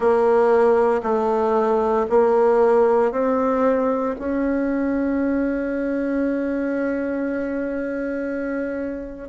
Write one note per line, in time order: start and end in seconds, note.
0.00 1.01 A#3
1.03 2.06 A3
2.09 3.11 A#3
3.11 4.15 C4
4.18 9.29 C#4